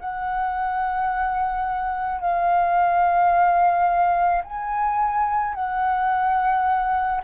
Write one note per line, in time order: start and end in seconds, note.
0.00 2.21 F#5
2.21 4.43 F5
4.44 5.55 G#5
5.55 7.21 F#5